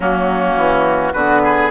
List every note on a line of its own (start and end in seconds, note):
0.00 0.55 F#3
0.00 1.15 A#3
0.00 1.13 C#4
0.00 1.13 F#4
0.56 1.13 E3
1.13 1.70 D3
1.13 1.70 B3
1.13 1.41 F#4
1.13 1.70 B4
1.43 1.70 G#4